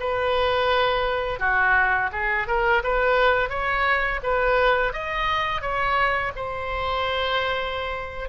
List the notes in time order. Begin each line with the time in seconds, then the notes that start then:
0.00 B4
1.40 F#4
2.12 G#4
2.47 A#4
2.84 B4
3.49 C#5
4.23 B4
4.93 D#5
5.61 C#5
6.36 C5